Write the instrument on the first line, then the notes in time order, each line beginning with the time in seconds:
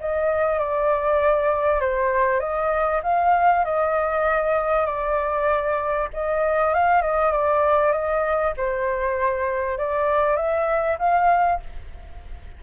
flute
0.00 D#5
0.59 D5
1.80 C5
2.40 D#5
3.03 F5
3.65 D#5
4.86 D5
6.13 D#5
6.74 F5
7.02 D#5
7.32 D5
7.92 D#5
8.57 C5
9.78 D5
10.36 E5
10.99 F5